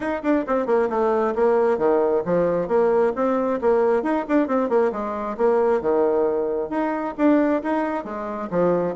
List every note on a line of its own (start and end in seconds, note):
0.00 0.22 D#4
0.22 0.45 D4
0.46 0.66 C4
0.66 0.88 A#3
0.89 1.34 A3
1.35 1.77 A#3
1.77 2.22 D#3
2.25 2.68 F3
2.68 3.12 A#3
3.15 3.60 C4
3.61 4.02 A#3
4.02 4.25 D#4
4.28 4.47 D4
4.47 4.69 C4
4.69 4.91 A#3
4.92 5.36 G#3
5.37 5.81 A#3
5.81 6.69 D#3
6.69 7.14 D#4
7.17 7.62 D4
7.62 8.04 D#4
8.04 8.49 G#3
8.50 8.95 F3